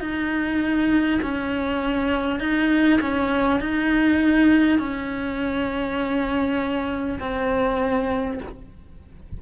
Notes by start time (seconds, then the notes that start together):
0.00 D#4
1.22 C#4
2.39 D#4
3.01 C#4
3.61 D#4
4.79 C#4
7.20 C4